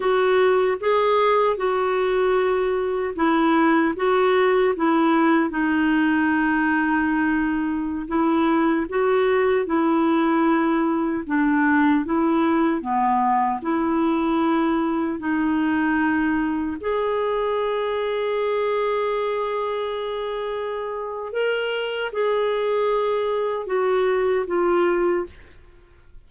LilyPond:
\new Staff \with { instrumentName = "clarinet" } { \time 4/4 \tempo 4 = 76 fis'4 gis'4 fis'2 | e'4 fis'4 e'4 dis'4~ | dis'2~ dis'16 e'4 fis'8.~ | fis'16 e'2 d'4 e'8.~ |
e'16 b4 e'2 dis'8.~ | dis'4~ dis'16 gis'2~ gis'8.~ | gis'2. ais'4 | gis'2 fis'4 f'4 | }